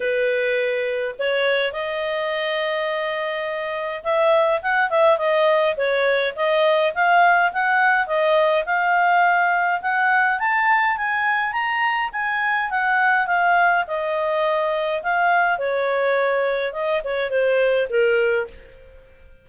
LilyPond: \new Staff \with { instrumentName = "clarinet" } { \time 4/4 \tempo 4 = 104 b'2 cis''4 dis''4~ | dis''2. e''4 | fis''8 e''8 dis''4 cis''4 dis''4 | f''4 fis''4 dis''4 f''4~ |
f''4 fis''4 a''4 gis''4 | ais''4 gis''4 fis''4 f''4 | dis''2 f''4 cis''4~ | cis''4 dis''8 cis''8 c''4 ais'4 | }